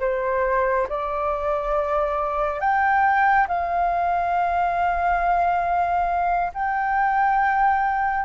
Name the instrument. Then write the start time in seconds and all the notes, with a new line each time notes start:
flute
0.00 C5
0.89 D5
2.60 G5
3.48 F5
6.54 G5